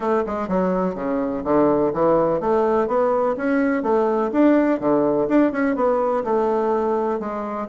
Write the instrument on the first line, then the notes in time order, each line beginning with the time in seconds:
bassoon
0.00 A3
0.26 G#3
0.48 F#3
0.94 C#3
1.44 D3
1.93 E3
2.40 A3
2.87 B3
3.36 C#4
3.83 A3
4.32 D4
4.80 D3
5.28 D4
5.52 C#4
5.75 B3
6.24 A3
7.19 G#3